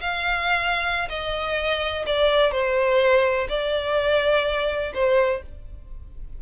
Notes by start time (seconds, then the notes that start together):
0.00 F5
1.09 D#5
2.06 D5
2.51 C5
3.48 D5
4.94 C5